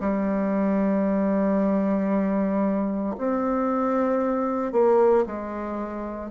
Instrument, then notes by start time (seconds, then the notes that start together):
bassoon
0.00 G3
3.17 C4
4.72 A#3
5.26 G#3